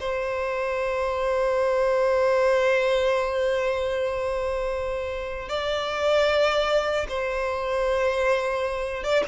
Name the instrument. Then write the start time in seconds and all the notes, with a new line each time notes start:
violin
0.00 C5
5.49 D5
7.09 C5
9.04 D5